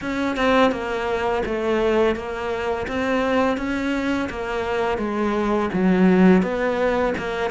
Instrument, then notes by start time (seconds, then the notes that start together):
cello
0.01 C#4
0.36 C4
0.71 A#3
1.45 A3
2.15 A#3
2.87 C4
3.57 C#4
4.29 A#3
4.98 G#3
5.73 F#3
6.42 B3
7.18 A#3